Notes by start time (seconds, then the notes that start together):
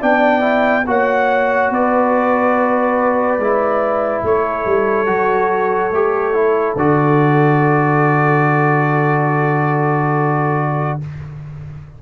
0.00 B3 D4 D5 G5
0.41 E4
0.87 A#3 F#4 C#5 F#5
1.71 B3 B4 D5
3.38 G#3 E4
4.23 A3 A4 C#5
4.66 G3
5.07 F#3 F#4
5.91 A3 G4
6.34 E4
6.76 D3 F#4 D5